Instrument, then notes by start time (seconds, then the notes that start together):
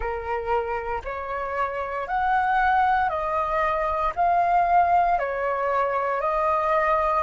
flute
0.00 A#4
1.04 C#5
2.07 F#5
3.09 D#5
4.15 F5
5.18 C#5
6.20 D#5